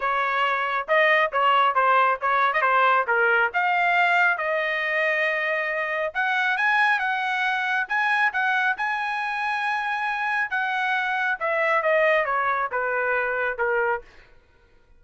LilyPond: \new Staff \with { instrumentName = "trumpet" } { \time 4/4 \tempo 4 = 137 cis''2 dis''4 cis''4 | c''4 cis''8. dis''16 c''4 ais'4 | f''2 dis''2~ | dis''2 fis''4 gis''4 |
fis''2 gis''4 fis''4 | gis''1 | fis''2 e''4 dis''4 | cis''4 b'2 ais'4 | }